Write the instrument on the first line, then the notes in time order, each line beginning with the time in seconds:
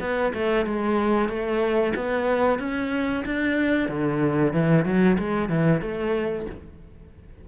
cello
0.00 B3
0.34 A3
0.66 G#3
1.29 A3
1.95 B3
2.59 C#4
3.25 D4
3.88 D3
4.53 E3
4.85 F#3
5.18 G#3
5.49 E3
5.81 A3